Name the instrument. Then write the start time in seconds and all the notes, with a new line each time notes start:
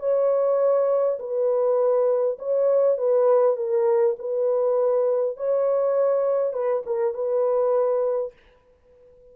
horn
0.00 C#5
1.20 B4
2.39 C#5
2.98 B4
3.57 A#4
4.19 B4
5.37 C#5
6.54 B4
6.86 A#4
7.14 B4